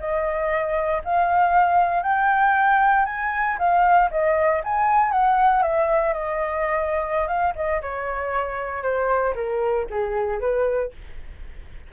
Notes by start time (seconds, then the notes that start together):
0.00 D#5
1.05 F5
2.03 G5
3.06 G#5
3.59 F5
4.11 D#5
4.64 G#5
5.12 F#5
5.63 E5
6.14 D#5
7.28 F5
7.56 D#5
7.82 C#5
8.83 C5
9.36 A#4
9.90 G#4
10.41 B4